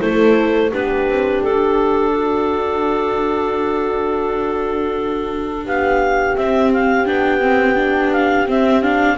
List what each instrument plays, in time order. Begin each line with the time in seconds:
0.00 double bass A3, viola E4, horn A4, clarinet C5
0.71 double bass B3, viola D4, horn G4, clarinet B4
1.09 double bass C4
1.43 double bass D4, clarinet A4
2.15 horn F#4
5.64 double bass B3, horn G4, clarinet F5
6.36 viola C4, double bass C4, clarinet E5
6.73 clarinet F5
7.05 double bass B3, viola D4, clarinet G5
7.41 viola C4
7.76 viola D4
8.12 clarinet F5
8.47 double bass C4, viola C4, clarinet E5
8.82 viola D4, clarinet F5